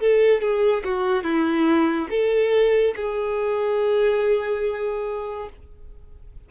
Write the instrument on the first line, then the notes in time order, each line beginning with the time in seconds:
violin
0.00 A4
0.41 G#4
0.85 F#4
1.24 E4
2.10 A4
2.96 G#4